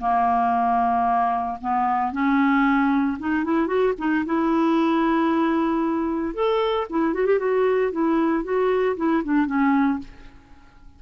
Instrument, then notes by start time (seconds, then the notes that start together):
clarinet
0.00 A#3
1.61 B3
2.12 C#4
3.19 D#4
3.44 E4
3.67 F#4
3.98 D#4
4.26 E4
6.34 A4
6.90 E4
7.14 F#4
7.26 G4
7.39 F#4
7.92 E4
8.44 F#4
8.97 E4
9.24 D4
9.46 C#4